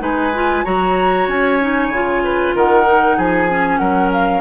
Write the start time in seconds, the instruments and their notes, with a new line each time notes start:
0.00 bassoon G#3, clarinet D#4, oboe B4, flute G#5
0.35 clarinet F4
0.65 bassoon F#3, clarinet F#4, oboe C#5, flute A#5
1.28 bassoon C#4, flute G#5
1.61 clarinet D#4
1.89 bassoon C#3, clarinet F4
2.24 oboe B4
2.55 bassoon D#3, oboe A#4, flute F#5
2.85 clarinet D#4
3.17 bassoon F3, oboe G#4, flute G#5
3.50 clarinet C#4
3.78 bassoon F#3, oboe A#4, flute F#5
4.13 flute F5